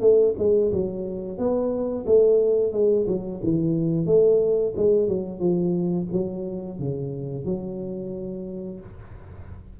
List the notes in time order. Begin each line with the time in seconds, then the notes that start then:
0.00 A3
0.38 G#3
0.72 F#3
1.38 B3
2.06 A3
2.72 G#3
3.07 F#3
3.43 E3
4.06 A3
4.76 G#3
5.08 F#3
5.39 F3
6.12 F#3
6.79 C#3
7.45 F#3